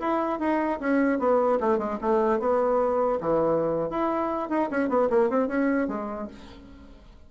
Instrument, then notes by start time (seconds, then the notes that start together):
bassoon
0.00 E4
0.40 D#4
0.80 C#4
1.19 B3
1.61 A3
1.79 G#3
2.01 A3
2.40 B3
3.21 E3
3.90 E4
4.49 D#4
4.71 C#4
4.89 B3
5.10 A#3
5.30 C4
5.48 C#4
5.88 G#3